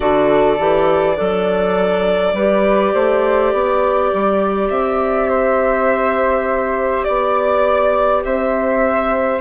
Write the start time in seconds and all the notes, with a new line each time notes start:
0.00 D3 F#4 A4 D5
0.58 E3 G4
1.15 F#3 D4 A4
2.33 G3 G4 B4
2.93 A3 C5
3.52 B3 D5
4.13 G3
4.69 C4 E5
5.29 C5
7.03 B3 D5
8.24 C4 C5 E5